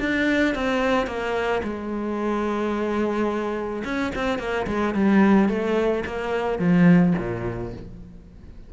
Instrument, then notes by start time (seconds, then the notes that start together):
cello
0.00 D4
0.55 C4
1.07 A#3
1.64 G#3
3.85 C#4
4.16 C4
4.39 A#3
4.67 G#3
4.95 G3
5.49 A3
6.06 A#3
6.59 F3
7.19 A#2